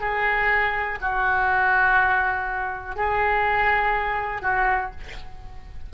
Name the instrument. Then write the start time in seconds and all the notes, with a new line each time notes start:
oboe
0.00 G#4
1.01 F#4
2.96 G#4
4.41 F#4